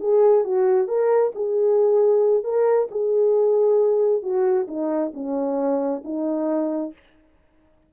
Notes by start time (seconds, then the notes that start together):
0.00 G#4
0.44 F#4
0.87 A#4
1.35 G#4
2.43 A#4
2.91 G#4
4.22 F#4
4.67 D#4
5.14 C#4
6.04 D#4